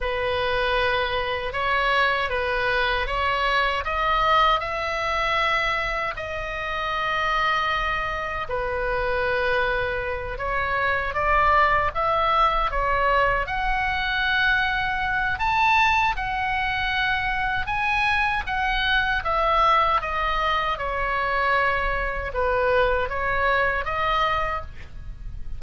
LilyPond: \new Staff \with { instrumentName = "oboe" } { \time 4/4 \tempo 4 = 78 b'2 cis''4 b'4 | cis''4 dis''4 e''2 | dis''2. b'4~ | b'4. cis''4 d''4 e''8~ |
e''8 cis''4 fis''2~ fis''8 | a''4 fis''2 gis''4 | fis''4 e''4 dis''4 cis''4~ | cis''4 b'4 cis''4 dis''4 | }